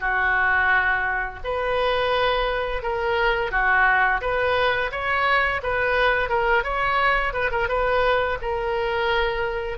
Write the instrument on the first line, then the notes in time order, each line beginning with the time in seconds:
oboe
0.00 F#4
1.44 B4
2.83 A#4
3.51 F#4
4.21 B4
4.91 C#5
5.63 B4
6.29 A#4
6.63 C#5
7.33 B4
7.51 A#4
7.68 B4
8.42 A#4